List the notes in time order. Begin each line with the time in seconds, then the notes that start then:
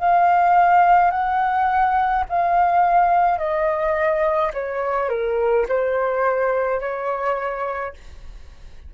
0.00 F5
1.11 F#5
2.30 F5
3.39 D#5
4.54 C#5
5.10 A#4
5.69 C5
6.81 C#5